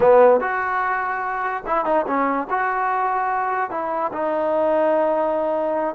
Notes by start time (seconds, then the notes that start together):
0.00 B3
0.40 F#4
1.66 E4
1.85 D#4
2.06 C#4
2.49 F#4
3.70 E4
4.12 D#4